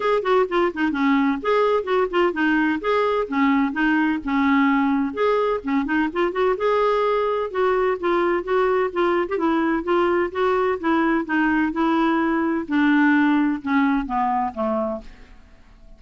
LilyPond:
\new Staff \with { instrumentName = "clarinet" } { \time 4/4 \tempo 4 = 128 gis'8 fis'8 f'8 dis'8 cis'4 gis'4 | fis'8 f'8 dis'4 gis'4 cis'4 | dis'4 cis'2 gis'4 | cis'8 dis'8 f'8 fis'8 gis'2 |
fis'4 f'4 fis'4 f'8. g'16 | e'4 f'4 fis'4 e'4 | dis'4 e'2 d'4~ | d'4 cis'4 b4 a4 | }